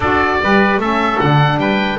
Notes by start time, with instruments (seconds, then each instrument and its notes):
0.00 double bass D4, saxophone F#4, trumpet A4, oboe D5
0.42 double bass G3, saxophone G4, trumpet B4
0.77 double bass A3, saxophone C#4, trumpet A4, oboe E5
1.20 double bass D3, saxophone D4, oboe F#5
1.57 double bass G3, trumpet B4, oboe G5